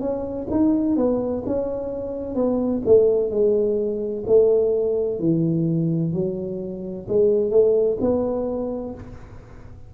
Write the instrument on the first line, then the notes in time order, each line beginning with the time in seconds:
tuba
0.00 C#4
0.50 D#4
0.96 B3
1.46 C#4
2.34 B3
2.86 A3
3.30 G#3
4.26 A3
5.19 E3
6.13 F#3
7.08 G#3
7.50 A3
8.00 B3